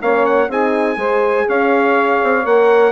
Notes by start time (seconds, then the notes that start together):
0.00 A#3 C#4 C#5 F5
0.26 F#5
0.48 C4 D#4 G#4 G#5
0.96 G#3 G#4 C5
1.47 C#4 C#5 F5
2.23 C4
2.45 A#3 A#4 F#5